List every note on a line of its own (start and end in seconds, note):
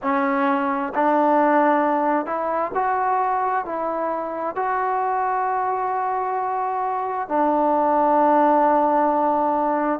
0.02 0.93 C#4
0.94 2.26 D4
2.26 2.71 E4
2.74 3.65 F#4
3.65 4.55 E4
4.55 7.28 F#4
7.28 9.99 D4